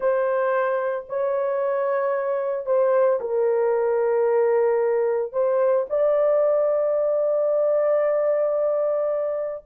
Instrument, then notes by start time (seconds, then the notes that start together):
horn
0.00 C5
1.08 C#5
2.66 C5
3.20 A#4
5.32 C5
5.89 D5